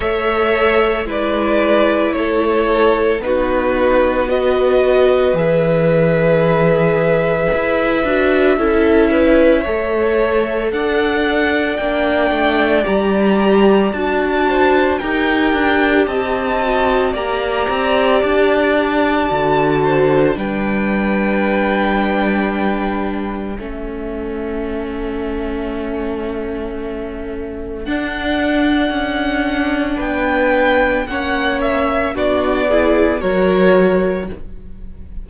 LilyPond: <<
  \new Staff \with { instrumentName = "violin" } { \time 4/4 \tempo 4 = 56 e''4 d''4 cis''4 b'4 | dis''4 e''2.~ | e''2 fis''4 g''4 | ais''4 a''4 g''4 a''4 |
ais''4 a''2 g''4~ | g''2 e''2~ | e''2 fis''2 | g''4 fis''8 e''8 d''4 cis''4 | }
  \new Staff \with { instrumentName = "violin" } { \time 4/4 cis''4 b'4 a'4 fis'4 | b'1 | a'8 b'8 cis''4 d''2~ | d''4. c''8 ais'4 dis''4 |
d''2~ d''8 c''8 b'4~ | b'2 a'2~ | a'1 | b'4 cis''4 fis'8 gis'8 ais'4 | }
  \new Staff \with { instrumentName = "viola" } { \time 4/4 a'4 e'2 dis'4 | fis'4 gis'2~ gis'8 fis'8 | e'4 a'2 d'4 | g'4 fis'4 g'4. fis'8 |
g'2 fis'4 d'4~ | d'2 cis'2~ | cis'2 d'2~ | d'4 cis'4 d'8 e'8 fis'4 | }
  \new Staff \with { instrumentName = "cello" } { \time 4/4 a4 gis4 a4 b4~ | b4 e2 e'8 d'8 | cis'4 a4 d'4 ais8 a8 | g4 d'4 dis'8 d'8 c'4 |
ais8 c'8 d'4 d4 g4~ | g2 a2~ | a2 d'4 cis'4 | b4 ais4 b4 fis4 | }
>>